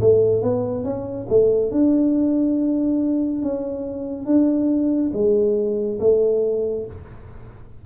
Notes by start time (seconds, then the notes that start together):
0.00 A3
0.42 B3
0.83 C#4
1.29 A3
1.71 D4
3.42 C#4
4.25 D4
5.13 G#3
5.99 A3